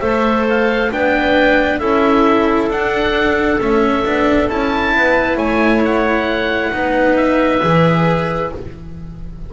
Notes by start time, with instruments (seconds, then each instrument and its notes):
0.00 double bass A3, cello A4, clarinet C5, oboe E5
0.49 oboe F5
0.91 double bass B3, cello D4, clarinet B4, oboe G5
1.79 double bass C#4, cello E4, clarinet A4, oboe E5
2.69 double bass D4, cello D4, oboe F#5
3.61 double bass A3, cello C#4, oboe E5
4.05 double bass B3, cello D4
4.49 double bass C#4, cello E4, oboe A5
4.95 double bass B3, clarinet B4
5.37 double bass A3, clarinet C#5, oboe G#5
5.85 oboe F#5
6.72 double bass B3, cello D#4, clarinet B4
7.17 oboe E5
7.62 double bass E3, cello G#4